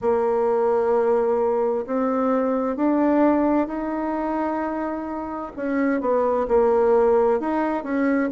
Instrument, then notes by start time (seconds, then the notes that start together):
bassoon
0.01 A#3
1.86 C4
2.76 D4
3.67 D#4
5.56 C#4
6.00 B3
6.48 A#3
7.39 D#4
7.83 C#4